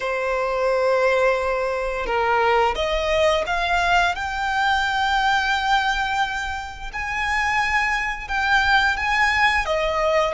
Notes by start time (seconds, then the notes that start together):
0.00 C5
2.05 A#4
2.75 D#5
3.46 F5
4.15 G5
6.92 G#5
8.28 G5
8.97 G#5
9.65 D#5